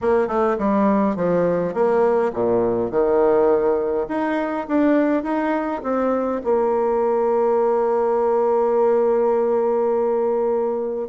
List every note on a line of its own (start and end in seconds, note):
0.01 0.27 A#3
0.27 0.56 A3
0.58 1.15 G3
1.15 1.73 F3
1.73 2.32 A#3
2.33 2.90 A#2
2.90 4.07 D#3
4.08 4.66 D#4
4.68 5.23 D4
5.23 5.81 D#4
5.83 6.41 C4
6.44 11.08 A#3